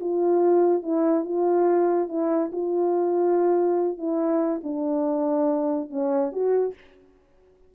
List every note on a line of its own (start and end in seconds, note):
0.00 0.82 F4
0.82 1.24 E4
1.24 2.08 F4
2.08 2.51 E4
2.52 3.98 F4
3.98 4.61 E4
4.63 5.90 D4
5.90 6.32 C#4
6.32 6.74 F#4